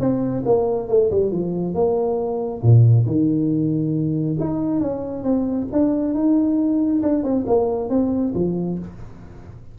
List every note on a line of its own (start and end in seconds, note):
0.00 0.44 C4
0.46 0.88 A#3
0.88 1.10 A3
1.11 1.32 G3
1.32 1.74 F3
1.74 2.62 A#3
2.62 3.06 A#2
3.06 4.38 D#3
4.40 4.81 D#4
4.81 5.24 C#4
5.24 5.67 C4
5.73 6.15 D4
6.15 7.02 D#4
7.03 7.23 D4
7.23 7.45 C4
7.47 7.90 A#3
7.90 8.34 C4
8.35 8.79 F3